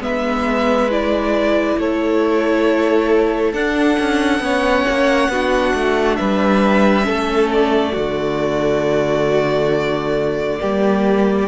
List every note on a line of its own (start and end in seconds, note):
0.00 1.76 G#3
0.00 0.89 B3
0.00 1.79 B4
0.00 0.91 E5
0.90 3.55 E4
0.90 1.79 D5
1.77 3.53 A3
1.77 4.44 A4
1.77 3.53 C#5
3.53 3.97 D4
3.53 4.42 D4
3.53 6.16 F#5
3.99 4.40 C#4
4.40 4.84 B3
4.40 5.31 C#4
4.40 5.32 C#5
4.88 5.28 A#3
5.28 5.72 B3
5.28 7.02 D4
5.28 6.19 F#4
5.74 6.18 A3
6.16 7.08 G3
6.16 7.06 B4
6.16 7.48 E5
7.02 7.90 C#4
7.02 7.92 A4
7.09 7.96 A3
7.52 11.48 D5
7.92 10.61 D3
7.92 10.59 A3
7.92 10.57 F#4
10.59 11.48 G3
10.59 11.47 A#3
10.59 11.48 G4